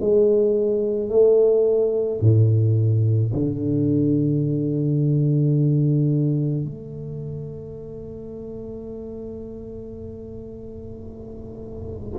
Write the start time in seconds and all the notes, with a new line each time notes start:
0.00 G#3
1.09 A3
2.21 A2
3.34 D3
6.65 A3